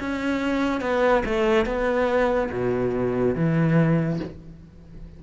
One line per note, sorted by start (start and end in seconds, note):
0.00 0.81 C#4
0.81 1.23 B3
1.25 1.66 A3
1.66 2.50 B3
2.52 3.35 B2
3.35 4.20 E3